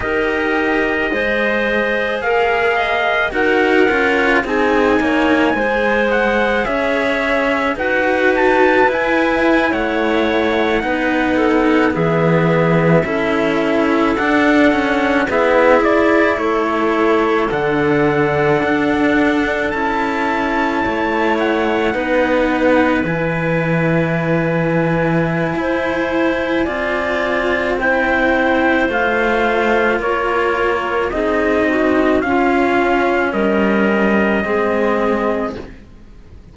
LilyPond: <<
  \new Staff \with { instrumentName = "trumpet" } { \time 4/4 \tempo 4 = 54 dis''2 f''4 fis''4 | gis''4. fis''8 e''4 fis''8 a''8 | gis''8. fis''2 e''4~ e''16~ | e''8. fis''4 e''8 d''8 cis''4 fis''16~ |
fis''4.~ fis''16 a''4. fis''8.~ | fis''8. gis''2.~ gis''16~ | gis''4 g''4 f''4 cis''4 | dis''4 f''4 dis''2 | }
  \new Staff \with { instrumentName = "clarinet" } { \time 4/4 ais'4 c''4 ais'8 dis''8 ais'4 | gis'8 cis''8 c''4 cis''4 b'4~ | b'8. cis''4 b'8 a'8 gis'4 a'16~ | a'4.~ a'16 gis'4 a'4~ a'16~ |
a'2~ a'8. cis''4 b'16~ | b'2. c''4 | d''4 c''2 ais'4 | gis'8 fis'8 f'4 ais'4 gis'4 | }
  \new Staff \with { instrumentName = "cello" } { \time 4/4 g'4 gis'2 fis'8 f'8 | dis'4 gis'2 fis'4 | e'4.~ e'16 dis'4 b4 e'16~ | e'8. d'8 cis'8 b8 e'4. d'16~ |
d'4.~ d'16 e'2 dis'16~ | dis'8. e'2.~ e'16 | f'4 e'4 f'2 | dis'4 cis'2 c'4 | }
  \new Staff \with { instrumentName = "cello" } { \time 4/4 dis'4 gis4 ais4 dis'8 cis'8 | c'8 ais8 gis4 cis'4 dis'4 | e'8. a4 b4 e4 cis'16~ | cis'8. d'4 e'4 a4 d16~ |
d8. d'4 cis'4 a4 b16~ | b8. e2~ e16 e'4 | c'2 a4 ais4 | c'4 cis'4 g4 gis4 | }
>>